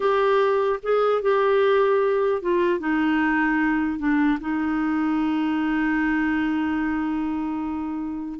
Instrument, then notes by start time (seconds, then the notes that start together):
clarinet
0.00 G4
0.82 G#4
1.22 G4
2.42 F4
2.79 D#4
3.98 D4
4.40 D#4